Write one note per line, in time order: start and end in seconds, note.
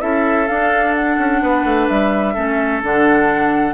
0.00 0.49 C#4
0.00 0.47 E4
0.00 1.42 A4
0.00 0.48 E5
0.48 1.18 D4
0.48 2.36 D4
0.48 0.95 F5
0.95 1.88 F#5
1.18 1.41 C#4
1.42 1.65 B3
1.42 2.34 B4
1.65 1.88 A3
1.88 2.36 G3
1.88 2.82 E5
2.34 2.83 A3
2.34 2.83 C#4
2.34 3.75 A4
2.83 3.75 D3
2.83 3.75 D4
2.83 3.75 F#5